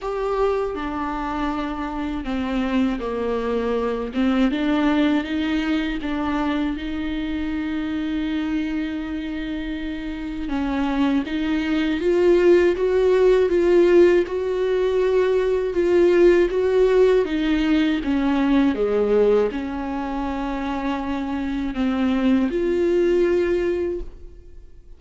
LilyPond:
\new Staff \with { instrumentName = "viola" } { \time 4/4 \tempo 4 = 80 g'4 d'2 c'4 | ais4. c'8 d'4 dis'4 | d'4 dis'2.~ | dis'2 cis'4 dis'4 |
f'4 fis'4 f'4 fis'4~ | fis'4 f'4 fis'4 dis'4 | cis'4 gis4 cis'2~ | cis'4 c'4 f'2 | }